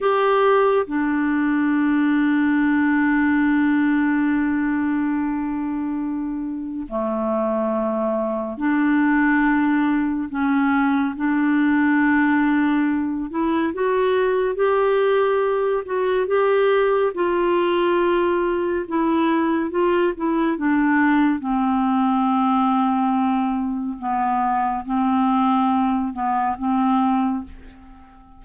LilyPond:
\new Staff \with { instrumentName = "clarinet" } { \time 4/4 \tempo 4 = 70 g'4 d'2.~ | d'1 | a2 d'2 | cis'4 d'2~ d'8 e'8 |
fis'4 g'4. fis'8 g'4 | f'2 e'4 f'8 e'8 | d'4 c'2. | b4 c'4. b8 c'4 | }